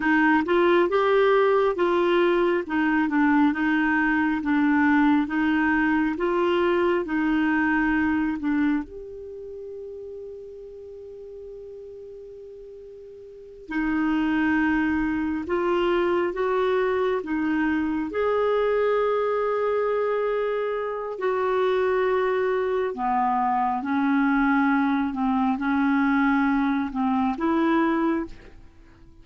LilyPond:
\new Staff \with { instrumentName = "clarinet" } { \time 4/4 \tempo 4 = 68 dis'8 f'8 g'4 f'4 dis'8 d'8 | dis'4 d'4 dis'4 f'4 | dis'4. d'8 g'2~ | g'2.~ g'8 dis'8~ |
dis'4. f'4 fis'4 dis'8~ | dis'8 gis'2.~ gis'8 | fis'2 b4 cis'4~ | cis'8 c'8 cis'4. c'8 e'4 | }